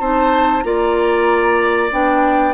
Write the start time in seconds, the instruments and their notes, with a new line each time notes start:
0.00 bassoon C4, clarinet D#4, oboe C5, flute A5
0.62 bassoon A#3, clarinet F4, oboe D5, flute A#5
1.91 bassoon B3, clarinet D4, flute G5